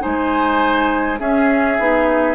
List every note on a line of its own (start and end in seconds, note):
0.00 1.20 G#3
0.00 1.18 D#4
0.00 1.20 C5
0.00 1.19 G#5
1.19 1.78 C#4
1.19 2.35 G#4
1.19 2.35 E5
1.79 2.35 B3
1.79 2.35 D#4